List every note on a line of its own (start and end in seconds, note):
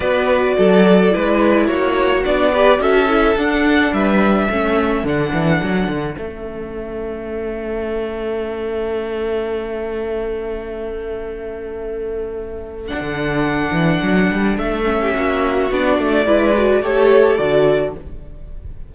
0.00 0.56 B3
0.00 1.09 F#4
0.00 0.54 B4
0.00 1.67 D5
0.57 1.14 F#3
0.57 1.13 A4
1.09 1.68 G#3
1.09 2.22 E4
1.09 1.67 B4
1.67 2.24 A#3
1.67 2.51 F#4
1.67 2.23 C#5
2.25 2.79 B3
2.25 2.53 D4
2.25 2.81 D5
2.52 2.78 G4
2.52 2.80 B4
2.78 3.35 C#4
2.78 3.06 F#4
2.78 3.93 A4
2.78 3.37 E5
3.07 3.35 E4
3.36 3.92 D4
3.36 4.50 D4
3.36 3.93 F#5
3.92 4.48 G3
3.92 4.50 B4
3.92 5.05 E5
4.50 5.03 A3
4.50 5.06 C#4
4.50 15.00 A4
5.03 5.31 D3
5.03 6.17 D4
5.03 6.17 F#5
5.33 5.61 E3
5.62 5.88 F#3
5.88 6.16 D3
6.17 12.91 A3
6.17 12.88 C#4
6.17 12.87 E5
12.87 14.84 D4
12.87 13.00 D4
12.87 14.56 F#5
13.00 13.70 D3
13.72 14.00 E3
14.02 14.30 F#3
14.31 14.57 G3
14.57 15.13 A3
14.57 15.70 E5
14.84 15.68 C#4
15.00 15.14 G4
15.14 15.70 A#3
15.14 16.26 F#4
15.70 15.98 B3
15.70 16.25 D4
15.70 16.85 D5
15.98 16.26 A3
16.25 16.82 G#3
16.25 16.54 E4
16.25 16.81 B4
16.56 16.83 F#4
16.81 17.38 A3
16.81 17.38 G4
16.81 17.94 A4
16.81 17.37 C#5
17.37 17.94 D3
17.37 17.94 F#4
17.37 17.93 D5